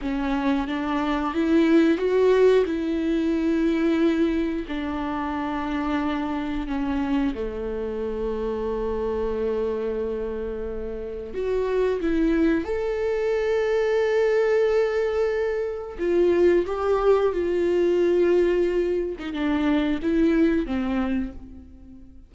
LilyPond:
\new Staff \with { instrumentName = "viola" } { \time 4/4 \tempo 4 = 90 cis'4 d'4 e'4 fis'4 | e'2. d'4~ | d'2 cis'4 a4~ | a1~ |
a4 fis'4 e'4 a'4~ | a'1 | f'4 g'4 f'2~ | f'8. dis'16 d'4 e'4 c'4 | }